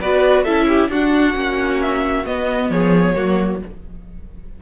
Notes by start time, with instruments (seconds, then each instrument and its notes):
0.00 cello B3, viola F#4, violin B4 D5
0.44 cello C#4, viola E4, violin A4 E5
0.68 violin G4
0.89 cello D4, viola D4, violin F#4 F#5
1.34 cello A#3, viola C#4
1.81 violin E5
2.26 cello B3, viola B3, violin D#5
2.69 cello F3, violin G#4 C#5
3.15 cello F#3, viola A#3, violin F#4